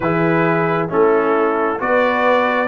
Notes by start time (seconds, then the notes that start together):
0.00 E3 E4 G#4 B4
0.88 A3 C#4 E4 A4
1.79 B3 F#4 B4 D5